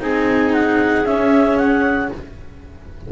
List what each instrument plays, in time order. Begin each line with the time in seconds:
0.00 double bass C4, cello D#4, clarinet G#4 G#5
0.54 clarinet F#5
1.05 double bass C#4, cello C#4, clarinet E5
1.57 clarinet F#5